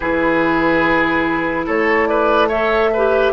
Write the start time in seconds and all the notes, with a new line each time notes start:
0.00 E3 E4 G#4 B4
1.65 A3 A4 C#5
2.06 B4 D5
2.48 A4 C#5 E5
2.93 G4 B4